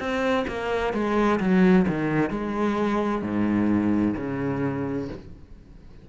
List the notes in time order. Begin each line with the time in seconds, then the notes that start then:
0.00 C4
0.48 A#3
0.94 G#3
1.41 F#3
1.88 D#3
2.31 G#3
3.23 G#2
4.17 C#3